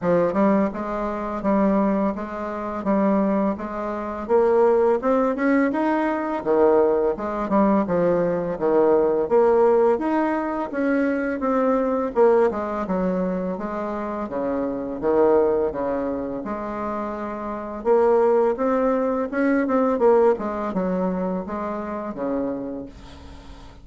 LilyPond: \new Staff \with { instrumentName = "bassoon" } { \time 4/4 \tempo 4 = 84 f8 g8 gis4 g4 gis4 | g4 gis4 ais4 c'8 cis'8 | dis'4 dis4 gis8 g8 f4 | dis4 ais4 dis'4 cis'4 |
c'4 ais8 gis8 fis4 gis4 | cis4 dis4 cis4 gis4~ | gis4 ais4 c'4 cis'8 c'8 | ais8 gis8 fis4 gis4 cis4 | }